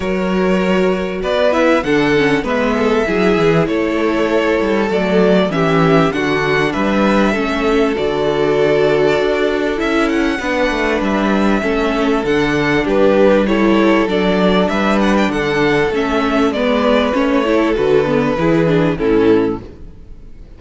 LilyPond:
<<
  \new Staff \with { instrumentName = "violin" } { \time 4/4 \tempo 4 = 98 cis''2 d''8 e''8 fis''4 | e''2 cis''2 | d''4 e''4 fis''4 e''4~ | e''4 d''2. |
e''8 fis''4. e''2 | fis''4 b'4 cis''4 d''4 | e''8 fis''16 g''16 fis''4 e''4 d''4 | cis''4 b'2 a'4 | }
  \new Staff \with { instrumentName = "violin" } { \time 4/4 ais'2 b'4 a'4 | b'8 a'8 gis'4 a'2~ | a'4 g'4 fis'4 b'4 | a'1~ |
a'4 b'2 a'4~ | a'4 g'4 a'2 | b'4 a'2 b'4~ | b'8 a'4. gis'4 e'4 | }
  \new Staff \with { instrumentName = "viola" } { \time 4/4 fis'2~ fis'8 e'8 d'8 cis'8 | b4 e'2. | a4 cis'4 d'2 | cis'4 fis'2. |
e'4 d'2 cis'4 | d'2 e'4 d'4~ | d'2 cis'4 b4 | cis'8 e'8 fis'8 b8 e'8 d'8 cis'4 | }
  \new Staff \with { instrumentName = "cello" } { \time 4/4 fis2 b4 d4 | gis4 fis8 e8 a4. g8 | fis4 e4 d4 g4 | a4 d2 d'4 |
cis'4 b8 a8 g4 a4 | d4 g2 fis4 | g4 d4 a4 gis4 | a4 d4 e4 a,4 | }
>>